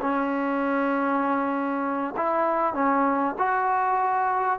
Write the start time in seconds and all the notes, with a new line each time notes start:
0.00 C#4
2.16 E4
2.73 C#4
3.38 F#4